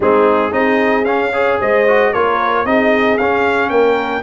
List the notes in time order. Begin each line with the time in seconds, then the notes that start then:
0.00 G#3 C4 D#4 G#4
0.51 C4 D#4 G#4 D#5
1.04 C#4 F5
1.32 G#4 C#5
1.59 G#3 C5 D#5
1.87 F#4
2.12 A#3 F4 A#4 C#5
2.65 C4 D#4 G#4 D#5
3.17 C#4 F5
3.69 A#3 A#4 G5